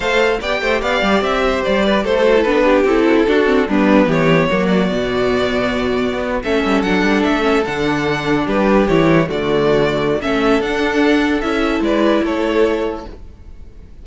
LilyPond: <<
  \new Staff \with { instrumentName = "violin" } { \time 4/4 \tempo 4 = 147 f''4 g''4 f''4 e''4 | d''4 c''4 b'4 a'4~ | a'4 b'4 cis''4. d''8~ | d''2.~ d''8. e''16~ |
e''8. fis''4 e''4 fis''4~ fis''16~ | fis''8. b'4 cis''4 d''4~ d''16~ | d''4 e''4 fis''2 | e''4 d''4 cis''2 | }
  \new Staff \with { instrumentName = "violin" } { \time 4/4 c''4 d''8 c''8 d''4. c''8~ | c''8 b'8 a'4. g'4 fis'16 e'16 | fis'4 d'4 g'4 fis'4~ | fis'2.~ fis'8. a'16~ |
a'1~ | a'8. g'2 fis'4~ fis'16~ | fis'4 a'2.~ | a'4 b'4 a'2 | }
  \new Staff \with { instrumentName = "viola" } { \time 4/4 a'4 g'2.~ | g'4. fis'16 e'16 d'4 e'4 | d'8 c'8 b2 ais4 | b2.~ b8. cis'16~ |
cis'8. d'4. cis'8 d'4~ d'16~ | d'4.~ d'16 e'4 a4~ a16~ | a4 cis'4 d'2 | e'1 | }
  \new Staff \with { instrumentName = "cello" } { \time 4/4 a4 b8 a8 b8 g8 c'4 | g4 a4 b4 c'4 | d'4 g4 e4 fis4 | b,2. b8. a16~ |
a16 g8 fis8 g8 a4 d4~ d16~ | d8. g4 e4 d4~ d16~ | d4 a4 d'2 | cis'4 gis4 a2 | }
>>